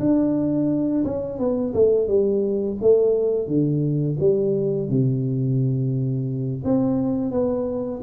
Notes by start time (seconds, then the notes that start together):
0.00 D4
1.05 C#4
1.39 B3
1.74 A3
2.08 G3
2.82 A3
3.48 D3
4.20 G3
4.89 C3
6.65 C4
7.32 B3